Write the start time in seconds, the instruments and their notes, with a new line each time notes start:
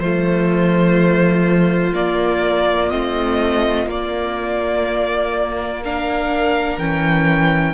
0.00 cello F3, viola A3, violin F4 C5
1.94 viola A#3, cello A#3, violin D5
2.90 cello A3, viola C4, violin D#5
3.87 viola A#3, cello A#3, violin D5
5.84 viola D4, violin A#4 F5
6.78 cello E3, viola C#4, violin G5